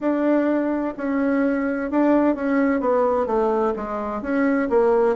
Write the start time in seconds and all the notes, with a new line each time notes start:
0.00 D4
0.97 C#4
1.90 D4
2.35 C#4
2.80 B3
3.26 A3
3.76 G#3
4.21 C#4
4.69 A#3